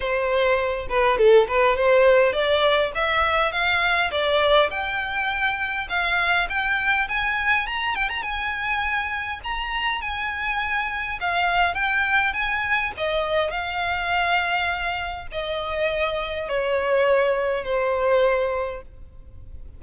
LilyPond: \new Staff \with { instrumentName = "violin" } { \time 4/4 \tempo 4 = 102 c''4. b'8 a'8 b'8 c''4 | d''4 e''4 f''4 d''4 | g''2 f''4 g''4 | gis''4 ais''8 g''16 ais''16 gis''2 |
ais''4 gis''2 f''4 | g''4 gis''4 dis''4 f''4~ | f''2 dis''2 | cis''2 c''2 | }